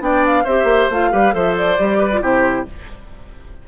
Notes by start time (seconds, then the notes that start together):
0.00 B3 D4 D5 G5
0.26 F5
0.44 C4 G4 C5 E5
0.64 A#3
0.90 A3 F4 F5
1.12 G3 G4 B4
1.32 F3 A4 C5 E5
1.57 D5
1.78 G3 G4
1.98 B4
2.12 F4
2.21 C3 E4 G4 C5